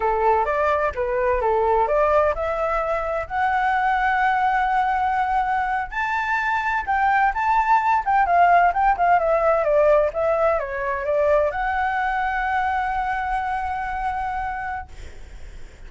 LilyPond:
\new Staff \with { instrumentName = "flute" } { \time 4/4 \tempo 4 = 129 a'4 d''4 b'4 a'4 | d''4 e''2 fis''4~ | fis''1~ | fis''8. a''2 g''4 a''16~ |
a''4~ a''16 g''8 f''4 g''8 f''8 e''16~ | e''8. d''4 e''4 cis''4 d''16~ | d''8. fis''2.~ fis''16~ | fis''1 | }